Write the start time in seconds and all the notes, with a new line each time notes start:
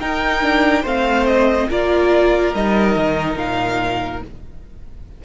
0.00 D#4 A#4 G5
0.42 D4
0.82 A3 C4 C5 F5
1.26 D#5
1.70 A#3 F4 A#4 D5
2.54 G3 D#4 D#5
2.96 D#3
3.36 A#2 F5